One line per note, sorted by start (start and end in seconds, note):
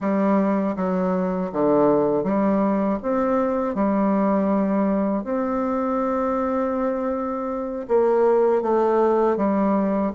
0.00 0.75 G3
0.76 1.51 F#3
1.52 2.23 D3
2.23 2.98 G3
3.02 3.75 C4
3.75 5.24 G3
5.24 7.86 C4
7.88 8.62 A#3
8.62 9.36 A3
9.36 10.11 G3